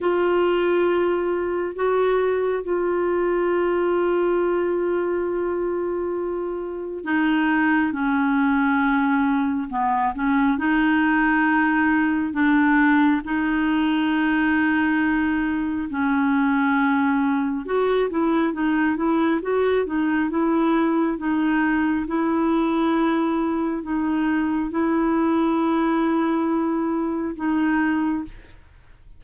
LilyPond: \new Staff \with { instrumentName = "clarinet" } { \time 4/4 \tempo 4 = 68 f'2 fis'4 f'4~ | f'1 | dis'4 cis'2 b8 cis'8 | dis'2 d'4 dis'4~ |
dis'2 cis'2 | fis'8 e'8 dis'8 e'8 fis'8 dis'8 e'4 | dis'4 e'2 dis'4 | e'2. dis'4 | }